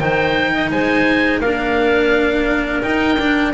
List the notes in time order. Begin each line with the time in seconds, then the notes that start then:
0.00 D#3 D#4 C5 G5
0.54 D#5
0.71 G#3 C5 G#5
1.40 A#3 D4 A#4 F5
2.83 D#4 G5
3.18 D4